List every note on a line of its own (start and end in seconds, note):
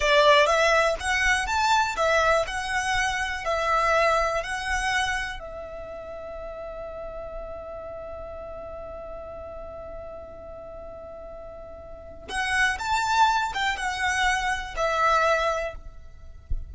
0.00 0.46 D5
0.46 0.95 E5
1.00 1.46 F#5
1.46 1.96 A5
1.96 2.45 E5
2.47 3.44 F#5
3.44 4.43 E5
4.43 5.39 F#5
5.39 12.28 E5
12.28 12.78 F#5
12.79 13.52 A5
13.54 13.76 G5
13.76 14.75 F#5
14.76 15.74 E5